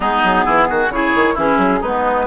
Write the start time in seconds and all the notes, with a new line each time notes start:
0.00 G#3 B3 D#4 G#4
0.23 F#3
0.45 E3 E4
0.69 D#3 F#4
0.89 C#3 E4 G#4 C#5
1.15 D#3
1.34 E3 C#4 E4 G#4
1.57 F#3
1.80 G#3 B3 D#4 B4